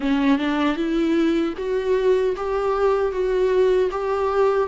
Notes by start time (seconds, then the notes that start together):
0.00 C#4
0.38 D4
0.76 E4
1.57 F#4
2.36 G4
3.12 F#4
3.90 G4